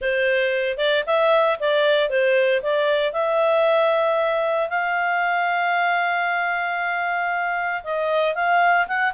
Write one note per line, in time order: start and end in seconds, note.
0.01 0.77 C5
0.77 1.03 D5
1.06 1.58 E5
1.59 2.09 D5
2.09 2.61 C5
2.62 3.13 D5
3.13 4.69 E5
4.69 7.82 F5
7.83 8.35 D#5
8.35 8.87 F5
8.87 9.13 F#5